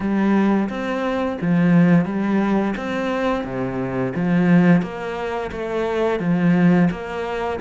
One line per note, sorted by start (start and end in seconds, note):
0.00 0.68 G3
0.69 1.38 C4
1.41 2.05 F3
2.05 2.74 G3
2.76 3.44 C4
3.44 4.13 C3
4.15 4.82 F3
4.82 5.50 A#3
5.51 6.19 A3
6.19 6.88 F3
6.90 7.59 A#3